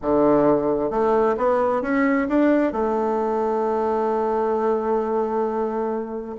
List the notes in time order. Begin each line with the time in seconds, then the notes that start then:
0.02 D3
0.90 A3
1.37 B3
1.82 C#4
2.29 D4
2.72 A3